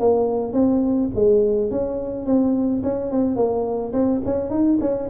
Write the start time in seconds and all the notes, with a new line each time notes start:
0.00 A#3
0.53 C4
1.15 G#3
1.71 C#4
2.26 C4
2.84 C#4
3.12 C4
3.36 A#3
3.93 C4
4.26 C#4
4.51 D#4
4.81 C#4